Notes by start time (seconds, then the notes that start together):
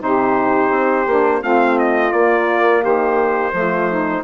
0.00 C3 D#4 G4 C5
0.71 C4
1.07 A#3 D4
1.42 A3 C4 F4 F5
1.79 D#5
2.13 A#3 D5
2.81 D#3 G4 C5
3.52 F3 A3 F4
3.91 D#4